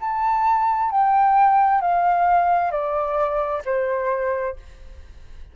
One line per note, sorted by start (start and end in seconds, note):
0.00 0.90 A5
0.90 1.81 G5
1.81 2.71 F5
2.71 3.62 D5
3.65 4.56 C5